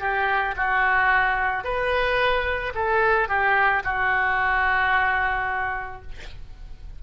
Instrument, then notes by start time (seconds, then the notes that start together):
oboe
0.00 G4
0.56 F#4
1.64 B4
2.75 A4
3.28 G4
3.83 F#4